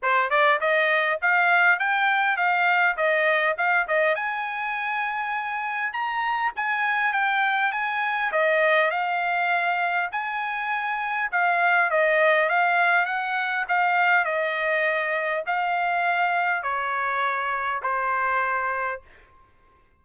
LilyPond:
\new Staff \with { instrumentName = "trumpet" } { \time 4/4 \tempo 4 = 101 c''8 d''8 dis''4 f''4 g''4 | f''4 dis''4 f''8 dis''8 gis''4~ | gis''2 ais''4 gis''4 | g''4 gis''4 dis''4 f''4~ |
f''4 gis''2 f''4 | dis''4 f''4 fis''4 f''4 | dis''2 f''2 | cis''2 c''2 | }